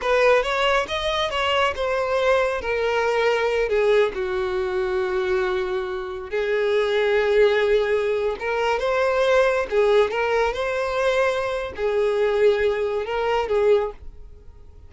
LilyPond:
\new Staff \with { instrumentName = "violin" } { \time 4/4 \tempo 4 = 138 b'4 cis''4 dis''4 cis''4 | c''2 ais'2~ | ais'8 gis'4 fis'2~ fis'8~ | fis'2~ fis'8 gis'4.~ |
gis'2.~ gis'16 ais'8.~ | ais'16 c''2 gis'4 ais'8.~ | ais'16 c''2~ c''8. gis'4~ | gis'2 ais'4 gis'4 | }